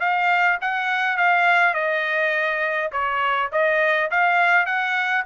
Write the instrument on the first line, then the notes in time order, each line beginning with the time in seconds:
trumpet
0.00 F5
0.61 F#5
1.17 F5
1.74 D#5
2.92 C#5
3.52 D#5
4.11 F5
4.66 F#5